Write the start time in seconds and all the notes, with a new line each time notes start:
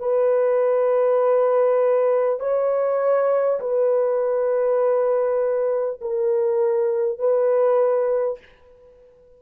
0.00 B4
2.39 C#5
3.60 B4
6.01 A#4
7.19 B4